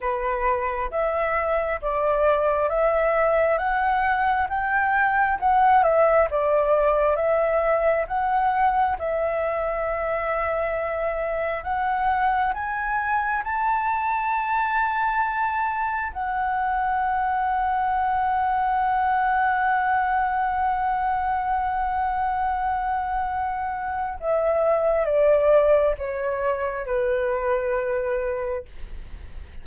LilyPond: \new Staff \with { instrumentName = "flute" } { \time 4/4 \tempo 4 = 67 b'4 e''4 d''4 e''4 | fis''4 g''4 fis''8 e''8 d''4 | e''4 fis''4 e''2~ | e''4 fis''4 gis''4 a''4~ |
a''2 fis''2~ | fis''1~ | fis''2. e''4 | d''4 cis''4 b'2 | }